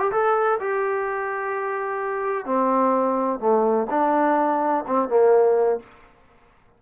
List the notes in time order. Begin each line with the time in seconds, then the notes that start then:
0.00 G4
0.12 A4
0.60 G4
2.46 C4
3.40 A3
3.91 D4
4.87 C4
5.09 A#3